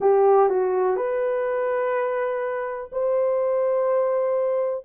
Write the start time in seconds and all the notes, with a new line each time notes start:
0.00 G4
0.49 F#4
0.96 B4
2.92 C5